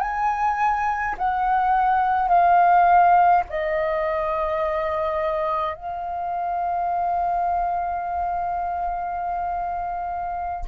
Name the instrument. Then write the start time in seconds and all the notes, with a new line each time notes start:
flute
0.00 G#5
1.18 F#5
2.28 F5
3.49 D#5
5.75 F5